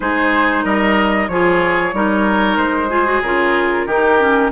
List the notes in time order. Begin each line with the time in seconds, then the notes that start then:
0.00 G#3 D#4 G#4 C5
0.64 G3 A#4 D#5
1.28 F3 F4 G#4 C#5
1.93 G3 D#4 A#4
2.56 G#3 C5
2.89 F4 G#4
3.05 F#4
3.22 C#3 F4 A#4
3.86 D#3 D#4 G4
4.20 C#4